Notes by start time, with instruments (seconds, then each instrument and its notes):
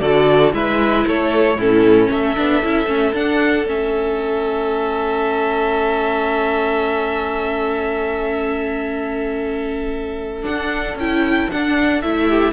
0.00 cello D3, viola F#4, violin A4 D5
0.52 cello G#3, viola E4, violin B4 E5
1.07 cello A3, violin A4 C#5
1.56 cello A2, viola C#4, violin E4 A4
2.11 cello A3, violin A4 E5
2.36 cello B3, viola D4
2.63 cello C#4, viola E4
2.86 cello A3, viola C#4
3.14 cello D4, viola D4, violin F#5
3.66 cello A3, viola C#4, violin E5
10.42 viola D4, cello D4, violin F#5
10.95 cello C#4, viola E4, violin G5
11.51 viola D4, cello D4, violin F#5
12.01 cello A3, viola E4, violin E5
12.29 violin G4